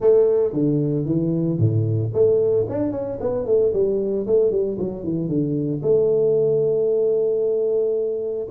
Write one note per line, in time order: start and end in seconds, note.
0.00 0.53 A3
0.53 1.05 D3
1.05 1.58 E3
1.58 2.11 A2
2.13 2.66 A3
2.68 2.91 D4
2.91 3.18 C#4
3.20 3.46 B3
3.46 3.72 A3
3.73 4.26 G3
4.26 4.51 A3
4.51 4.77 G3
4.78 5.03 F#3
5.03 5.28 E3
5.28 5.81 D3
5.82 8.47 A3